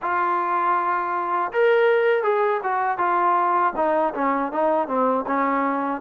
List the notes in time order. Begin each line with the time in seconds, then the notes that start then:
0.02 F4
1.52 A#4
2.23 G#4
2.63 F#4
2.98 F4
3.76 D#4
4.14 C#4
4.52 D#4
4.87 C4
5.26 C#4